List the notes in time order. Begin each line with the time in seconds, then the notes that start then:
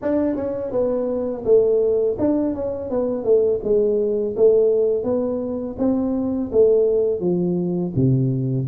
0.02 D4
0.35 C#4
0.71 B3
1.45 A3
2.19 D4
2.54 C#4
2.89 B3
3.24 A3
3.63 G#3
4.36 A3
5.03 B3
5.78 C4
6.52 A3
7.20 F3
7.95 C3